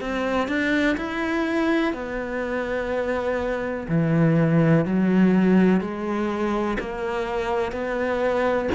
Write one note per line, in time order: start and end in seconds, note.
0.00 0.48 C4
0.48 0.96 D4
0.97 1.93 E4
1.93 3.87 B3
3.88 4.85 E3
4.85 5.81 F#3
5.81 6.77 G#3
6.79 7.72 A#3
7.72 8.68 B3